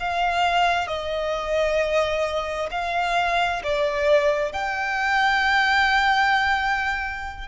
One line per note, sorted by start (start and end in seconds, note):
0.00 0.88 F5
0.88 2.69 D#5
2.71 3.62 F5
3.63 4.53 D5
4.53 7.48 G5